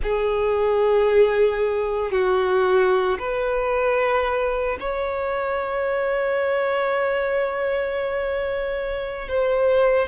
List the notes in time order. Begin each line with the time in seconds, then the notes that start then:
0.02 G#4
2.11 F#4
3.18 B4
4.80 C#5
9.28 C5